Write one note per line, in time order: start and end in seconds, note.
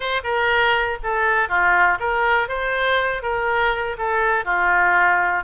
0.00 0.21 C5
0.23 0.98 A#4
1.03 1.48 A4
1.48 1.98 F4
1.99 2.48 A#4
2.48 3.22 C5
3.22 3.96 A#4
3.98 4.44 A4
4.44 5.43 F4